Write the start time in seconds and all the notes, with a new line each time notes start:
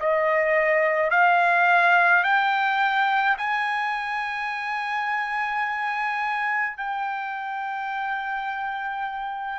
0.00 D#5
1.11 F5
2.24 G5
3.38 G#5
6.77 G5